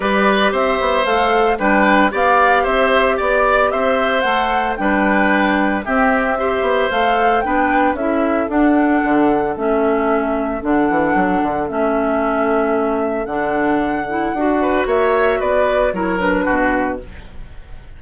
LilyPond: <<
  \new Staff \with { instrumentName = "flute" } { \time 4/4 \tempo 4 = 113 d''4 e''4 f''4 g''4 | f''4 e''4 d''4 e''4 | fis''4 g''2 e''4~ | e''4 f''4 g''4 e''4 |
fis''2 e''2 | fis''2 e''2~ | e''4 fis''2. | e''4 d''4 cis''8 b'4. | }
  \new Staff \with { instrumentName = "oboe" } { \time 4/4 b'4 c''2 b'4 | d''4 c''4 d''4 c''4~ | c''4 b'2 g'4 | c''2 b'4 a'4~ |
a'1~ | a'1~ | a'2.~ a'8 b'8 | cis''4 b'4 ais'4 fis'4 | }
  \new Staff \with { instrumentName = "clarinet" } { \time 4/4 g'2 a'4 d'4 | g'1 | a'4 d'2 c'4 | g'4 a'4 d'4 e'4 |
d'2 cis'2 | d'2 cis'2~ | cis'4 d'4. e'8 fis'4~ | fis'2 e'8 d'4. | }
  \new Staff \with { instrumentName = "bassoon" } { \time 4/4 g4 c'8 b8 a4 g4 | b4 c'4 b4 c'4 | a4 g2 c'4~ | c'8 b8 a4 b4 cis'4 |
d'4 d4 a2 | d8 e8 fis8 d8 a2~ | a4 d2 d'4 | ais4 b4 fis4 b,4 | }
>>